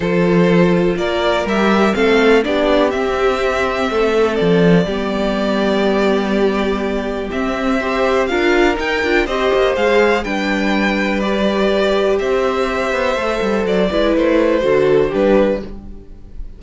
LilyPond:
<<
  \new Staff \with { instrumentName = "violin" } { \time 4/4 \tempo 4 = 123 c''2 d''4 e''4 | f''4 d''4 e''2~ | e''4 d''2.~ | d''2. e''4~ |
e''4 f''4 g''4 dis''4 | f''4 g''2 d''4~ | d''4 e''2. | d''4 c''2 b'4 | }
  \new Staff \with { instrumentName = "violin" } { \time 4/4 a'2 ais'2 | a'4 g'2. | a'2 g'2~ | g'1 |
c''4 ais'2 c''4~ | c''4 b'2.~ | b'4 c''2.~ | c''8 b'4. a'4 g'4 | }
  \new Staff \with { instrumentName = "viola" } { \time 4/4 f'2. g'4 | c'4 d'4 c'2~ | c'2 b2~ | b2. c'4 |
g'4 f'4 dis'8 f'8 g'4 | gis'4 d'2 g'4~ | g'2. a'4~ | a'8 e'4. fis'4 d'4 | }
  \new Staff \with { instrumentName = "cello" } { \time 4/4 f2 ais4 g4 | a4 b4 c'2 | a4 f4 g2~ | g2. c'4~ |
c'4 d'4 dis'8 d'8 c'8 ais8 | gis4 g2.~ | g4 c'4. b8 a8 g8 | fis8 gis8 a4 d4 g4 | }
>>